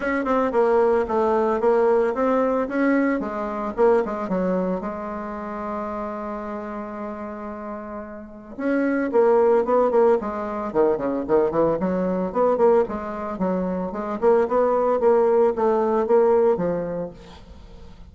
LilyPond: \new Staff \with { instrumentName = "bassoon" } { \time 4/4 \tempo 4 = 112 cis'8 c'8 ais4 a4 ais4 | c'4 cis'4 gis4 ais8 gis8 | fis4 gis2.~ | gis1 |
cis'4 ais4 b8 ais8 gis4 | dis8 cis8 dis8 e8 fis4 b8 ais8 | gis4 fis4 gis8 ais8 b4 | ais4 a4 ais4 f4 | }